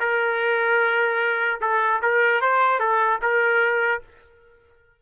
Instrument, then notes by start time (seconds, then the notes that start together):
trumpet
0.00 A#4
1.61 A4
2.02 A#4
2.42 C5
2.80 A4
3.22 A#4